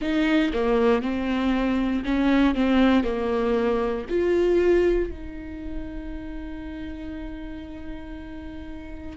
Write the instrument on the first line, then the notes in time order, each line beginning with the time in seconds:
viola
0.00 D#4
0.53 A#3
1.02 C4
2.04 C#4
2.54 C4
3.03 A#3
4.09 F4
5.11 D#4